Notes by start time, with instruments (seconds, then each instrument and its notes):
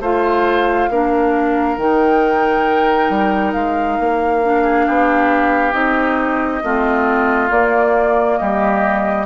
0.00 bassoon A3, clarinet F4, oboe C5, flute F5
0.90 bassoon A#3, clarinet D4, oboe A#4
1.78 bassoon D#3, clarinet D#4, flute G5
3.10 bassoon G3
3.53 bassoon G#3, flute F5
4.00 bassoon A#3
4.44 clarinet D4
4.63 oboe G#4
4.87 bassoon B3, oboe G4
5.72 bassoon C4, clarinet D#4, flute D#5
6.64 bassoon A3, clarinet C4, oboe F4
7.49 clarinet A#3, bassoon A#3, flute D5
8.37 bassoon G3, oboe G4, flute D#5